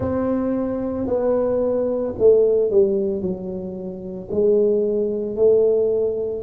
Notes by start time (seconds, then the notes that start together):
0.00 C4
1.07 B3
2.18 A3
2.70 G3
3.21 F#3
4.31 G#3
5.36 A3